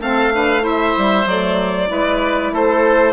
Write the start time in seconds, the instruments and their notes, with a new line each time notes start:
0.00 bassoon A3, saxophone C4, oboe A4, violin F5
0.33 saxophone D4, oboe B4
0.60 saxophone E4, oboe C5
0.67 violin E5
0.97 bassoon G3
1.26 bassoon F#3, saxophone A3, violin D5
1.87 bassoon G#3, saxophone E4, oboe B4
2.52 bassoon A3, oboe A4, violin C5